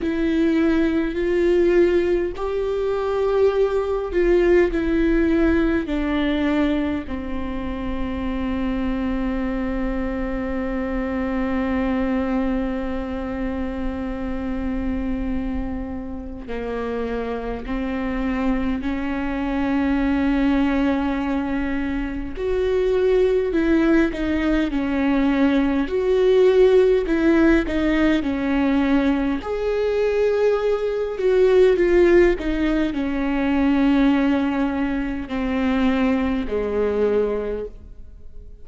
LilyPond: \new Staff \with { instrumentName = "viola" } { \time 4/4 \tempo 4 = 51 e'4 f'4 g'4. f'8 | e'4 d'4 c'2~ | c'1~ | c'2 ais4 c'4 |
cis'2. fis'4 | e'8 dis'8 cis'4 fis'4 e'8 dis'8 | cis'4 gis'4. fis'8 f'8 dis'8 | cis'2 c'4 gis4 | }